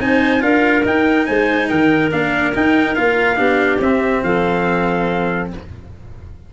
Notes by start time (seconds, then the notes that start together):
0.00 C4 D#4 C5 G#5
0.40 D4 F4 A#4 F5
0.85 D#4 G5
1.26 G#3 C5 G#5
1.69 D#3 A#4 G5
2.12 A#3 D4 F5
2.55 D#4 G5
2.95 A#3 F4 F5
3.36 B3 D4 G4
3.80 C4 E5
4.23 F3 A4 F5